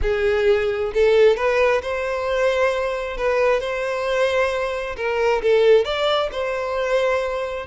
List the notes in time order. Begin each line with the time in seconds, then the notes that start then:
0.02 G#4
0.94 A4
1.36 B4
1.82 C5
3.17 B4
3.60 C5
4.96 A#4
5.42 A4
5.84 D5
6.32 C5